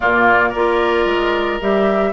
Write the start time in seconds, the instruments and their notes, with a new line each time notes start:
0.00 bassoon A#2, clarinet A#3, oboe F4, flute D5
0.49 bassoon A#3, oboe A#4
0.55 clarinet F4
1.05 bassoon G#3
1.60 bassoon G3, clarinet G4, flute E5